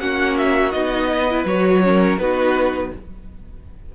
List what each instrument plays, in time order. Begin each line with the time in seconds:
0.00 cello A#3, viola C#4, violin F#4 F#5
0.38 violin E5
0.71 cello B3, viola D#4, violin D#5
1.09 violin B4
1.30 viola E4
1.45 cello F#3, viola F#4, violin C#5
1.83 viola C#4, violin A#4
2.18 cello B3, viola D#4, violin F#4 B4